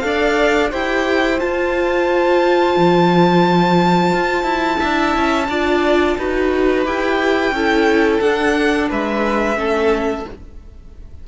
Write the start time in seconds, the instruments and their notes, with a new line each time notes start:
0.00 cello D4, viola A4, violin F5
0.07 violin D5
0.71 cello E4, viola G4, violin C5 G5
1.38 viola F4, cello F4, violin A5
2.77 cello F3
4.13 cello F4
4.44 cello E4
4.78 cello D4, viola E4, violin E5
5.16 cello C#4
5.48 cello D4, viola F4, violin D5
6.18 cello D#4, viola F#4, violin B4
6.86 cello E4, viola G4, violin G5
7.52 cello C#4, viola E4, violin A4
8.20 cello D4, viola D4, violin F#5
8.90 cello G#3, violin B4 E5
9.55 cello A3, viola C#4, violin A4